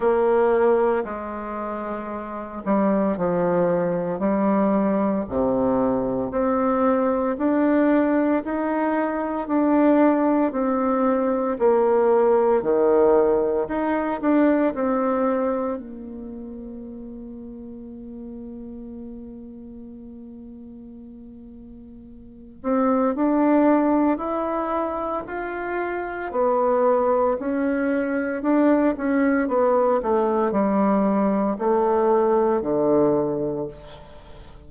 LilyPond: \new Staff \with { instrumentName = "bassoon" } { \time 4/4 \tempo 4 = 57 ais4 gis4. g8 f4 | g4 c4 c'4 d'4 | dis'4 d'4 c'4 ais4 | dis4 dis'8 d'8 c'4 ais4~ |
ais1~ | ais4. c'8 d'4 e'4 | f'4 b4 cis'4 d'8 cis'8 | b8 a8 g4 a4 d4 | }